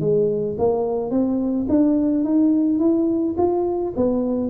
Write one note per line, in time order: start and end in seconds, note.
0.00 0.56 G#3
0.58 1.10 A#3
1.10 1.66 C4
1.69 2.24 D4
2.24 2.79 D#4
2.79 3.35 E4
3.37 3.93 F4
3.96 4.50 B3